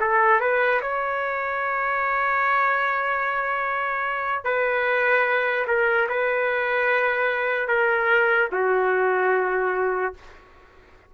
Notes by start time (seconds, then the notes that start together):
0.00 A4
0.41 B4
0.82 C#5
4.44 B4
5.68 A#4
6.09 B4
7.68 A#4
8.52 F#4